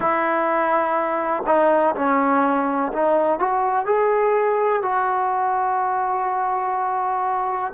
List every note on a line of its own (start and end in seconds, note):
0.00 1.43 E4
1.46 1.94 D#4
1.95 2.92 C#4
2.92 3.39 D#4
3.39 3.85 F#4
3.85 4.82 G#4
4.82 7.72 F#4